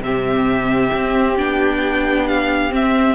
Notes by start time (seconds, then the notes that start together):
0.00 C3 C4 G4 E5
0.94 C4
1.37 B3 D4 G5
2.27 F5
2.70 C4 E5